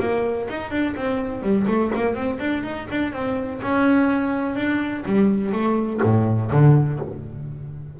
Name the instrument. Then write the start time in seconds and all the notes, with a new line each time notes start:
double bass
0.00 A#3
0.49 D#4
0.71 D4
0.96 C4
1.42 G3
1.67 A3
1.95 A#3
2.15 C4
2.40 D4
2.63 D#4
2.91 D4
3.13 C4
3.62 C#4
4.55 D4
5.05 G3
5.52 A3
6.03 A2
6.51 D3